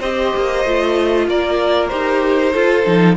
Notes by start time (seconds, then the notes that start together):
0.00 C4 G4 C5 D#5
0.36 A#3
0.65 A3 F4
1.28 A#3 A#4 D5
1.88 D#4 G4 C5
2.54 F4 A4
2.85 F3 D#4